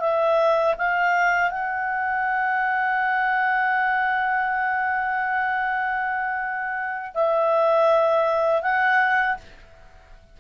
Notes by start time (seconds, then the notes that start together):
0.00 E5
0.78 F5
1.51 F#5
7.14 E5
8.62 F#5